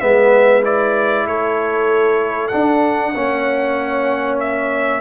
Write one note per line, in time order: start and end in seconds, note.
0.00 1.26 G#3
0.00 0.63 B3
0.00 1.26 B4
0.00 0.62 E5
0.63 2.51 E4
0.63 1.27 D5
1.26 2.51 A3
1.26 3.14 A4
1.26 2.48 C#5
2.48 3.14 D4
2.48 3.15 D4
2.48 4.35 F#5
3.14 5.01 A#3
3.14 5.01 C#4
3.14 5.01 C#5
4.40 5.01 E5